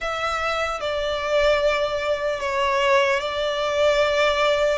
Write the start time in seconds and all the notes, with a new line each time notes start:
0.00 E5
0.80 D5
2.40 C#5
3.20 D5